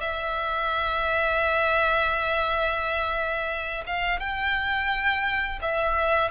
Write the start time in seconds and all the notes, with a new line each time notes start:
0.00 E5
3.86 F5
4.19 G5
5.62 E5